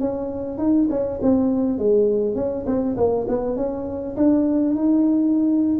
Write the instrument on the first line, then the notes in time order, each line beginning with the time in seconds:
tuba
0.00 C#4
0.58 D#4
0.90 C#4
1.22 C4
1.78 G#3
2.35 C#4
2.66 C4
2.96 A#3
3.28 B3
3.56 C#4
4.16 D4
4.75 D#4